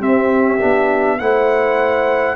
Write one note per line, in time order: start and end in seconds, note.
0.00 0.59 C4
0.00 0.61 C4
0.00 1.18 G4
0.00 1.19 E5
0.61 1.21 B3
0.61 1.19 D4
1.19 2.36 A3
1.19 2.36 E4
1.19 2.36 C5
1.19 2.36 F#5